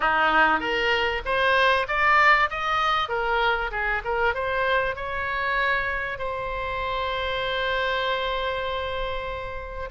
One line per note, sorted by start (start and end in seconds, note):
0.00 0.60 D#4
0.60 1.22 A#4
1.25 1.87 C5
1.88 2.49 D5
2.50 3.08 D#5
3.08 3.70 A#4
3.71 4.02 G#4
4.04 4.34 A#4
4.34 4.95 C5
4.95 6.18 C#5
6.18 9.89 C5